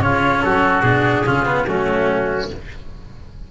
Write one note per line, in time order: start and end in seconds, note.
0.00 0.42 C#3
0.00 0.83 C#4
0.00 0.44 F4
0.00 0.42 C#5
0.42 0.83 F#3
0.42 1.25 F#4
0.42 0.82 A4
0.82 1.24 B2
0.82 1.25 D4
0.82 1.65 G#4
1.25 1.67 C#3
1.25 1.45 C#4
1.25 1.67 F4
1.45 1.66 B3
1.67 2.50 F#3
1.67 2.50 A3
1.67 2.51 C#4
1.67 2.50 F#4